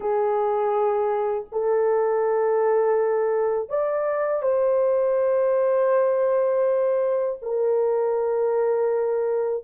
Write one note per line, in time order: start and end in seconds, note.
0.00 1.45 G#4
1.52 3.69 A4
3.69 4.42 D5
4.42 7.38 C5
7.42 9.63 A#4